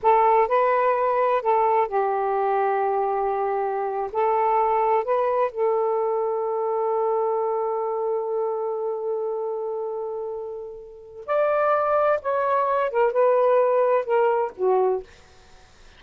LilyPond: \new Staff \with { instrumentName = "saxophone" } { \time 4/4 \tempo 4 = 128 a'4 b'2 a'4 | g'1~ | g'8. a'2 b'4 a'16~ | a'1~ |
a'1~ | a'1 | d''2 cis''4. ais'8 | b'2 ais'4 fis'4 | }